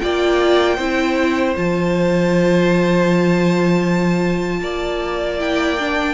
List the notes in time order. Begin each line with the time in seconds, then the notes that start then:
0.00 A#3 F4 D5 G5
0.76 C4 E4 C5
1.56 F3 F4 A5
4.60 A#3 D5
5.40 E4 G5
5.79 D4